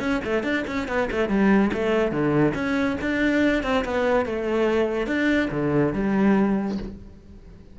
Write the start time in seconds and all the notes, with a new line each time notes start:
0.00 C#4
0.25 A3
0.43 D4
0.67 C#4
0.88 B3
1.11 A3
1.29 G3
1.74 A3
2.12 D3
2.55 C#4
3.01 D4
3.63 C4
3.85 B3
4.26 A3
5.07 D4
5.51 D3
5.93 G3